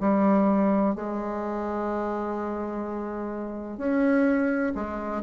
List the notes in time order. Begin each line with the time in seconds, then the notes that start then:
0.00 G3
0.95 G#3
3.77 C#4
4.74 G#3